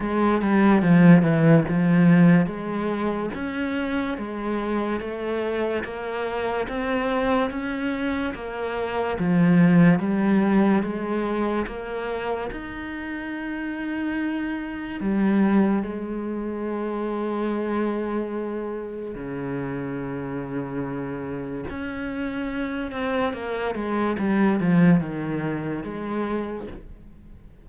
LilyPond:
\new Staff \with { instrumentName = "cello" } { \time 4/4 \tempo 4 = 72 gis8 g8 f8 e8 f4 gis4 | cis'4 gis4 a4 ais4 | c'4 cis'4 ais4 f4 | g4 gis4 ais4 dis'4~ |
dis'2 g4 gis4~ | gis2. cis4~ | cis2 cis'4. c'8 | ais8 gis8 g8 f8 dis4 gis4 | }